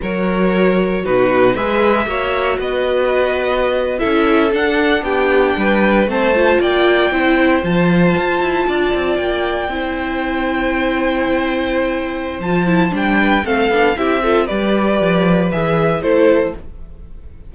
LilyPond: <<
  \new Staff \with { instrumentName = "violin" } { \time 4/4 \tempo 4 = 116 cis''2 b'4 e''4~ | e''4 dis''2~ dis''8. e''16~ | e''8. fis''4 g''2 a''16~ | a''8. g''2 a''4~ a''16~ |
a''4.~ a''16 g''2~ g''16~ | g''1 | a''4 g''4 f''4 e''4 | d''2 e''4 c''4 | }
  \new Staff \with { instrumentName = "violin" } { \time 4/4 ais'2 fis'4 b'4 | cis''4 b'2~ b'8. a'16~ | a'4.~ a'16 g'4 b'4 c''16~ | c''8. d''4 c''2~ c''16~ |
c''8. d''2 c''4~ c''16~ | c''1~ | c''4. b'8 a'4 g'8 a'8 | b'2. a'4 | }
  \new Staff \with { instrumentName = "viola" } { \time 4/4 fis'2 dis'4 gis'4 | fis'2.~ fis'8. e'16~ | e'8. d'2. c'16~ | c'16 f'4. e'4 f'4~ f'16~ |
f'2~ f'8. e'4~ e'16~ | e'1 | f'8 e'8 d'4 c'8 d'8 e'8 f'8 | g'2 gis'4 e'4 | }
  \new Staff \with { instrumentName = "cello" } { \time 4/4 fis2 b,4 gis4 | ais4 b2~ b8. cis'16~ | cis'8. d'4 b4 g4 a16~ | a8. ais4 c'4 f4 f'16~ |
f'16 e'8 d'8 c'8 ais4 c'4~ c'16~ | c'1 | f4 g4 a8 b8 c'4 | g4 f4 e4 a4 | }
>>